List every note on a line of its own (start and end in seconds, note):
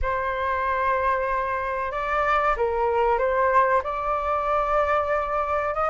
0.02 1.91 C5
1.91 2.55 D5
2.56 3.18 A#4
3.18 3.82 C5
3.83 5.74 D5
5.74 5.89 D#5